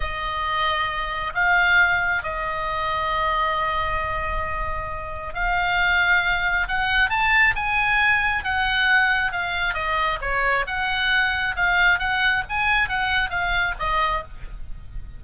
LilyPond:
\new Staff \with { instrumentName = "oboe" } { \time 4/4 \tempo 4 = 135 dis''2. f''4~ | f''4 dis''2.~ | dis''1 | f''2. fis''4 |
a''4 gis''2 fis''4~ | fis''4 f''4 dis''4 cis''4 | fis''2 f''4 fis''4 | gis''4 fis''4 f''4 dis''4 | }